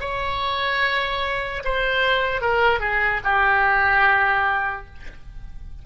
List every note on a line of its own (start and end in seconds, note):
0.00 1.63 C#5
1.64 2.41 C5
2.41 2.80 A#4
2.80 3.20 G#4
3.24 4.86 G4